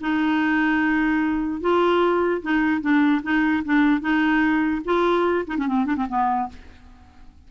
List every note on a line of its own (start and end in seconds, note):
0.00 1.60 D#4
1.60 2.41 F4
2.42 2.81 D#4
2.81 3.21 D4
3.22 3.63 D#4
3.64 4.01 D4
4.01 4.82 D#4
4.84 5.45 F4
5.47 5.57 D#4
5.57 5.67 C#4
5.67 5.85 C4
5.85 5.96 D4
5.96 6.06 C4
6.08 6.48 B3